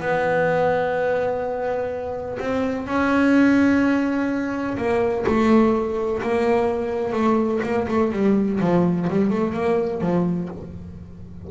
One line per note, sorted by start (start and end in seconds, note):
0.00 2.38 B3
2.39 2.87 C4
2.87 4.77 C#4
4.77 5.25 A#3
5.27 6.22 A3
6.22 7.13 A#3
7.13 7.60 A3
7.63 7.87 A#3
7.88 8.12 A3
8.12 8.60 G3
8.61 9.08 F3
9.10 9.30 G3
9.30 9.53 A3
9.53 10.01 A#3
10.01 10.49 F3